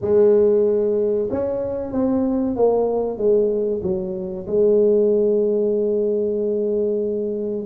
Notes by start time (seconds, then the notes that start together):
0.01 G#3
1.30 C#4
1.91 C4
2.55 A#3
3.17 G#3
3.82 F#3
4.47 G#3